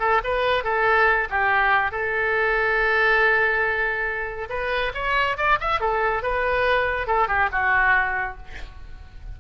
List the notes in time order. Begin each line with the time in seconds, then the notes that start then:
0.00 A4
0.24 B4
0.64 A4
1.30 G4
1.91 A4
4.50 B4
4.94 C#5
5.38 D5
5.60 E5
5.81 A4
6.23 B4
7.07 A4
7.28 G4
7.52 F#4